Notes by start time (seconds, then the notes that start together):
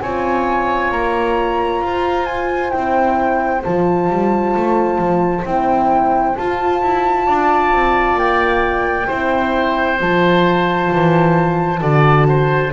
0.00 C4 F4 C#5 G#5
0.91 A#3 A#5
1.81 F4 C5
2.25 G#5
2.69 C4 E4 G5
3.63 F3 F4 A5
4.10 G3
4.56 A3
4.98 F3
5.45 C4 E4 G5
6.36 F4 A5
6.82 E4
7.25 D4 D5
7.72 C4
8.15 A#3 G5
9.07 C4 E4 C5
10.00 F3 F4 A5
10.91 E3
11.79 D3 F#4 D5
12.28 C5